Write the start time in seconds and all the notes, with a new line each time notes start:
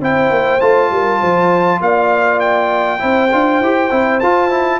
0.00 C4 E4 C5 G5
0.30 A#3
0.60 A3 F4 A5
0.91 G3 A#4
1.20 F3 C5
1.81 A#3 D5 F5
2.40 G5
2.99 C4 E4 C5
3.32 D4 F4
3.60 E4 G4
3.91 C4 E4
4.20 F4 A5
4.51 E4